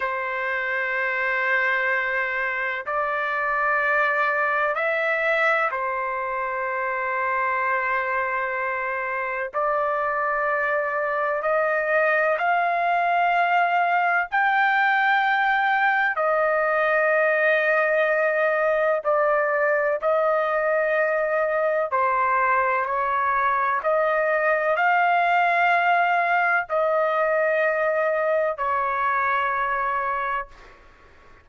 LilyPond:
\new Staff \with { instrumentName = "trumpet" } { \time 4/4 \tempo 4 = 63 c''2. d''4~ | d''4 e''4 c''2~ | c''2 d''2 | dis''4 f''2 g''4~ |
g''4 dis''2. | d''4 dis''2 c''4 | cis''4 dis''4 f''2 | dis''2 cis''2 | }